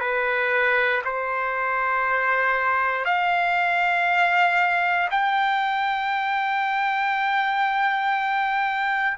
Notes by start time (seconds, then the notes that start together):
0.00 B4
1.04 C5
3.05 F5
5.10 G5